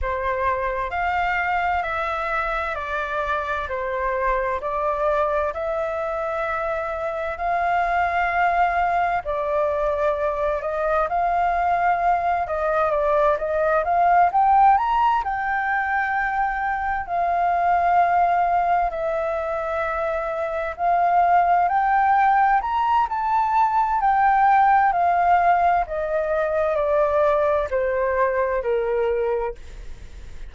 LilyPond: \new Staff \with { instrumentName = "flute" } { \time 4/4 \tempo 4 = 65 c''4 f''4 e''4 d''4 | c''4 d''4 e''2 | f''2 d''4. dis''8 | f''4. dis''8 d''8 dis''8 f''8 g''8 |
ais''8 g''2 f''4.~ | f''8 e''2 f''4 g''8~ | g''8 ais''8 a''4 g''4 f''4 | dis''4 d''4 c''4 ais'4 | }